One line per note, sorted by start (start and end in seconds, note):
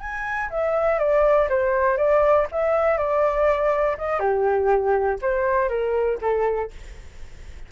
0.00 0.50 G#5
0.50 0.99 E5
0.99 1.49 D5
1.49 1.97 C5
1.97 2.47 D5
2.52 2.98 E5
2.98 3.97 D5
3.98 4.20 D#5
4.20 5.19 G4
5.22 5.69 C5
5.69 6.18 A#4
6.21 6.71 A4